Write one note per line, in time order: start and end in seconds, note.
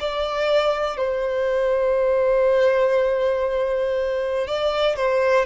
0.00 0.97 D5
0.97 4.47 C5
4.47 4.96 D5
4.96 5.45 C5